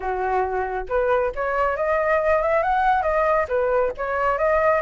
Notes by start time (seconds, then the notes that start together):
0.00 F#4
0.88 B4
1.35 C#5
1.76 D#5
2.42 E5
2.62 F#5
3.02 D#5
3.48 B4
3.97 C#5
4.38 D#5